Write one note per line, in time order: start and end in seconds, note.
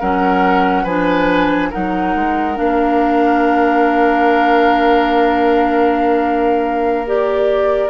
0.00 0.85 F#3
0.00 0.87 C#4
0.00 0.84 A#4
0.00 0.85 F#5
0.84 1.70 F3
0.84 1.72 D4
0.84 1.69 B4
0.84 1.71 G#5
1.70 2.15 F#3
1.70 2.55 D#4
1.70 7.90 A#4
1.70 2.57 F#5
2.15 2.58 G#3
2.55 7.90 A#3
2.55 7.05 D4
2.55 7.07 F5
7.07 7.90 G4
7.07 7.90 D5